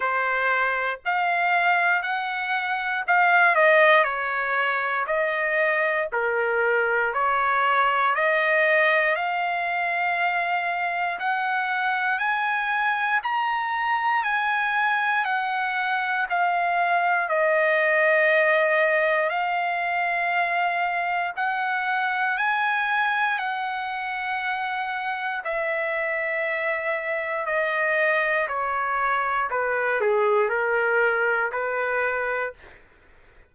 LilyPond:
\new Staff \with { instrumentName = "trumpet" } { \time 4/4 \tempo 4 = 59 c''4 f''4 fis''4 f''8 dis''8 | cis''4 dis''4 ais'4 cis''4 | dis''4 f''2 fis''4 | gis''4 ais''4 gis''4 fis''4 |
f''4 dis''2 f''4~ | f''4 fis''4 gis''4 fis''4~ | fis''4 e''2 dis''4 | cis''4 b'8 gis'8 ais'4 b'4 | }